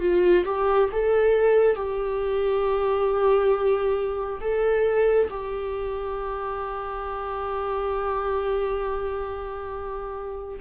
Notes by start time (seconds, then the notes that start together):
0.00 F4
0.45 G4
0.92 A4
1.76 G4
4.41 A4
5.30 G4